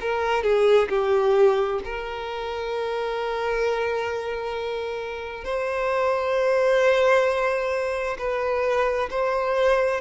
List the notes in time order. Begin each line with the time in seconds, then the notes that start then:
0.00 A#4
0.43 G#4
0.89 G4
1.84 A#4
5.45 C5
8.18 B4
9.10 C5